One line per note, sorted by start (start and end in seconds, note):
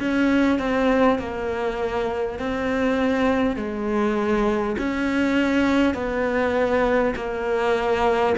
0.00 0.59 C#4
0.59 1.19 C4
1.19 2.39 A#3
2.39 3.57 C4
3.57 4.77 G#3
4.79 5.95 C#4
5.95 7.15 B3
7.16 8.36 A#3